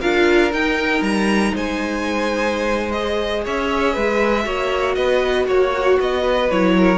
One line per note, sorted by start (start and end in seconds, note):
0.00 0.53 D4
0.00 0.51 F4
0.00 1.53 A#4
0.00 0.52 F5
0.51 2.92 D#4
0.51 1.01 D#4
0.51 1.03 G5
1.01 1.52 G3
1.01 1.54 A#5
1.54 3.46 G#3
1.54 3.45 C5
1.54 2.92 G#5
2.92 4.45 G#4
2.92 3.43 D#5
3.45 3.96 C#4
3.45 3.93 C#5
3.45 4.95 E5
3.93 4.46 G#3
3.93 4.44 B4
4.45 4.97 A#3
4.45 6.48 F#4
4.45 4.97 C#5
4.95 5.47 B3
4.95 5.48 B4
4.95 5.46 D#5
5.48 5.99 A#3
5.48 6.22 F#4
5.48 5.99 C#5
6.00 6.51 B3
6.00 6.51 D#5
6.22 6.73 B4
6.51 6.98 F#3
6.51 6.98 E4
6.51 6.98 C#5
6.77 6.98 A#4